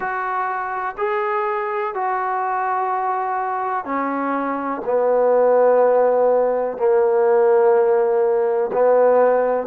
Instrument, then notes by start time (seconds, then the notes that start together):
trombone
0.00 F#4
0.97 G#4
1.94 F#4
3.84 C#4
4.85 B3
6.77 A#3
8.73 B3